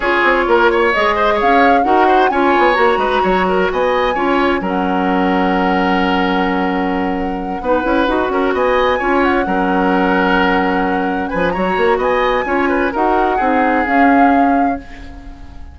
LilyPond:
<<
  \new Staff \with { instrumentName = "flute" } { \time 4/4 \tempo 4 = 130 cis''2 dis''4 f''4 | fis''4 gis''4 ais''2 | gis''2 fis''2~ | fis''1~ |
fis''2~ fis''8 gis''4. | fis''1~ | fis''8 gis''8 ais''4 gis''2 | fis''2 f''2 | }
  \new Staff \with { instrumentName = "oboe" } { \time 4/4 gis'4 ais'8 cis''4 c''8 cis''4 | ais'8 c''8 cis''4. b'8 cis''8 ais'8 | dis''4 cis''4 ais'2~ | ais'1~ |
ais'8 b'4. ais'8 dis''4 cis''8~ | cis''8 ais'2.~ ais'8~ | ais'8 b'8 cis''4 dis''4 cis''8 b'8 | ais'4 gis'2. | }
  \new Staff \with { instrumentName = "clarinet" } { \time 4/4 f'2 gis'2 | fis'4 f'4 fis'2~ | fis'4 f'4 cis'2~ | cis'1~ |
cis'8 dis'8 e'8 fis'2 f'8~ | f'8 cis'2.~ cis'8~ | cis'4 fis'2 f'4 | fis'4 dis'4 cis'2 | }
  \new Staff \with { instrumentName = "bassoon" } { \time 4/4 cis'8 c'8 ais4 gis4 cis'4 | dis'4 cis'8 b8 ais8 gis8 fis4 | b4 cis'4 fis2~ | fis1~ |
fis8 b8 cis'8 dis'8 cis'8 b4 cis'8~ | cis'8 fis2.~ fis8~ | fis8 f8 fis8 ais8 b4 cis'4 | dis'4 c'4 cis'2 | }
>>